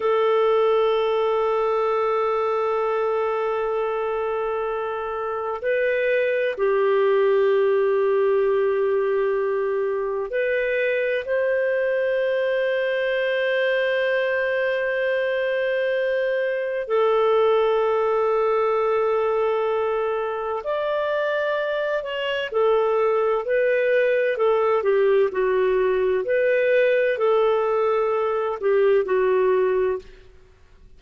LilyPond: \new Staff \with { instrumentName = "clarinet" } { \time 4/4 \tempo 4 = 64 a'1~ | a'2 b'4 g'4~ | g'2. b'4 | c''1~ |
c''2 a'2~ | a'2 d''4. cis''8 | a'4 b'4 a'8 g'8 fis'4 | b'4 a'4. g'8 fis'4 | }